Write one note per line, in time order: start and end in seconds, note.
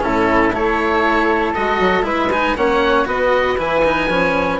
0.00 0.51 A2
0.00 0.51 C#4
0.00 0.54 E4
0.00 0.53 A4
0.51 1.53 A3
0.51 1.54 E4
0.51 2.05 A4
0.51 1.53 C#5
1.53 1.79 G#3
1.53 2.03 F#4
1.53 2.04 D#5
1.79 2.02 F#3
2.02 2.53 G#3
2.02 2.28 E4
2.02 2.56 B4
2.02 2.31 E5
2.31 2.57 D#4
2.31 2.56 G#5
2.56 3.05 A#3
2.56 3.05 C#4
2.56 3.07 C#5
2.56 3.07 F#5
3.05 3.56 B3
3.05 3.56 F#4
3.05 4.60 B4
3.05 3.59 D#5
3.57 4.08 E3
3.57 3.82 E4
3.57 4.60 G#5
3.84 4.09 D#4
4.08 4.59 F3
4.08 4.60 C#4